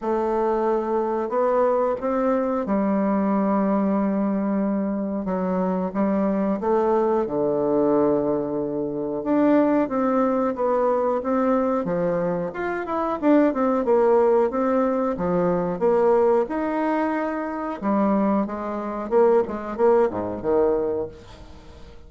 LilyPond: \new Staff \with { instrumentName = "bassoon" } { \time 4/4 \tempo 4 = 91 a2 b4 c'4 | g1 | fis4 g4 a4 d4~ | d2 d'4 c'4 |
b4 c'4 f4 f'8 e'8 | d'8 c'8 ais4 c'4 f4 | ais4 dis'2 g4 | gis4 ais8 gis8 ais8 gis,8 dis4 | }